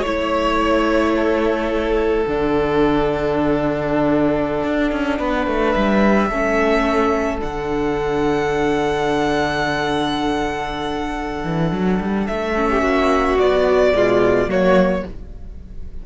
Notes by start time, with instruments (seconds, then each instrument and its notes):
0.00 cello A3, viola E4, violin C#5
1.15 violin A4
2.24 cello D3, viola D4, violin F#5
4.64 cello D4
4.91 cello C#4
5.18 cello B3, violin B4
5.47 cello A3
5.71 cello G3, violin E5
6.29 cello A3, viola C#4, violin A4
7.39 cello D3, viola D4, violin F#5
11.44 cello E3
11.72 cello F#3
12.00 cello G3
12.27 cello A3, violin E5
12.55 viola C#4
12.70 violin G4
12.81 cello A#3, violin F#4
13.38 viola F#3, cello B3, violin D5
13.93 cello B2, viola G#3, violin F4
14.47 cello F#3, viola A#3, violin F#4 C#5